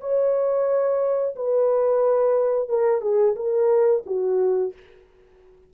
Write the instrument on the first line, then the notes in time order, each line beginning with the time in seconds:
horn
0.00 C#5
1.36 B4
2.69 A#4
3.01 G#4
3.36 A#4
4.06 F#4